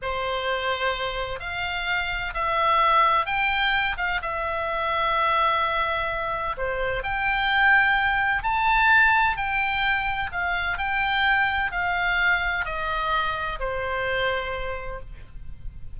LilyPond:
\new Staff \with { instrumentName = "oboe" } { \time 4/4 \tempo 4 = 128 c''2. f''4~ | f''4 e''2 g''4~ | g''8 f''8 e''2.~ | e''2 c''4 g''4~ |
g''2 a''2 | g''2 f''4 g''4~ | g''4 f''2 dis''4~ | dis''4 c''2. | }